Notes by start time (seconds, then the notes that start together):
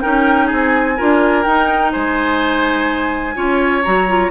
0.00 C#4 D#4 A#4 G5
0.46 G#4
0.52 C4 G#5
0.97 D4 F4 A#4
1.43 D#4 G5
1.92 G#3 C5 G#5
3.34 C#4 F4 C#5
3.83 F#3 F#4 A#5
4.08 F4